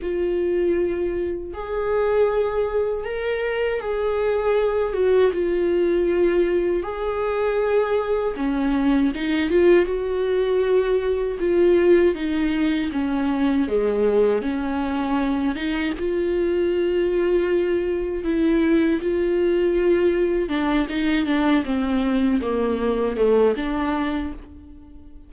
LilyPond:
\new Staff \with { instrumentName = "viola" } { \time 4/4 \tempo 4 = 79 f'2 gis'2 | ais'4 gis'4. fis'8 f'4~ | f'4 gis'2 cis'4 | dis'8 f'8 fis'2 f'4 |
dis'4 cis'4 gis4 cis'4~ | cis'8 dis'8 f'2. | e'4 f'2 d'8 dis'8 | d'8 c'4 ais4 a8 d'4 | }